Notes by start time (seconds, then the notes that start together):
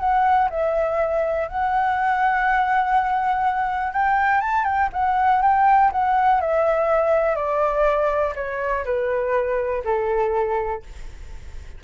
0.00 F#5
0.50 E5
1.49 F#5
3.93 G5
4.41 A5
4.65 G5
4.93 F#5
5.43 G5
5.92 F#5
6.41 E5
7.36 D5
8.36 C#5
8.85 B4
9.85 A4